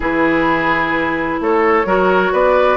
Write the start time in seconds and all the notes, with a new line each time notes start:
0.00 E3 E4 G#4 B4
1.40 A3 A4 C#5
1.85 F#3 F#4 A#4
2.32 B3 B4 D5